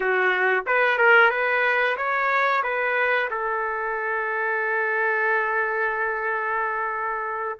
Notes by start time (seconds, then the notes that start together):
0.00 F#4
0.66 B4
0.98 A#4
1.30 B4
1.96 C#5
2.63 B4
3.30 A4